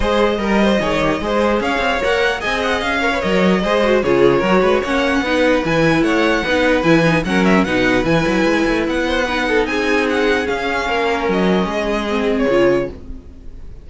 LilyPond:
<<
  \new Staff \with { instrumentName = "violin" } { \time 4/4 \tempo 4 = 149 dis''1 | f''4 fis''4 gis''8 fis''8 f''4 | dis''2 cis''2 | fis''2 gis''4 fis''4~ |
fis''4 gis''4 fis''8 e''8 fis''4 | gis''2 fis''2 | gis''4 fis''4 f''2 | dis''2~ dis''8. cis''4~ cis''16 | }
  \new Staff \with { instrumentName = "violin" } { \time 4/4 c''4 ais'8 c''8 cis''4 c''4 | cis''2 dis''4. cis''8~ | cis''4 c''4 gis'4 ais'8 b'8 | cis''4 b'2 cis''4 |
b'2 ais'4 b'4~ | b'2~ b'8 c''8 b'8 a'8 | gis'2. ais'4~ | ais'4 gis'2. | }
  \new Staff \with { instrumentName = "viola" } { \time 4/4 gis'4 ais'4 gis'8 g'8 gis'4~ | gis'4 ais'4 gis'4. ais'16 b'16 | ais'4 gis'8 fis'8 f'4 fis'4 | cis'4 dis'4 e'2 |
dis'4 e'8 dis'8 cis'4 dis'4 | e'2. dis'4~ | dis'2 cis'2~ | cis'2 c'4 f'4 | }
  \new Staff \with { instrumentName = "cello" } { \time 4/4 gis4 g4 dis4 gis4 | cis'8 c'8 ais4 c'4 cis'4 | fis4 gis4 cis4 fis8 gis8 | ais4 b4 e4 a4 |
b4 e4 fis4 b,4 | e8 fis8 gis8 a8 b2 | c'2 cis'4 ais4 | fis4 gis2 cis4 | }
>>